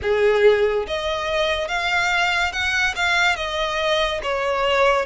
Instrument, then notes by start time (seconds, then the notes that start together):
violin
0.02 G#4
0.87 D#5
1.68 F5
2.52 F#5
2.95 F5
3.36 D#5
4.23 C#5